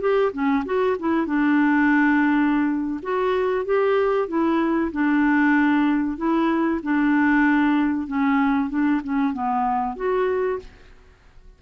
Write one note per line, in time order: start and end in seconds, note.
0.00 0.32 G4
0.32 0.64 C#4
0.65 0.97 F#4
0.99 1.26 E4
1.26 3.00 D4
3.02 3.65 F#4
3.65 4.28 G4
4.28 4.91 E4
4.92 6.17 D4
6.17 6.80 E4
6.83 8.07 D4
8.07 8.70 C#4
8.70 9.01 D4
9.04 9.33 C#4
9.33 9.96 B3
9.96 10.59 F#4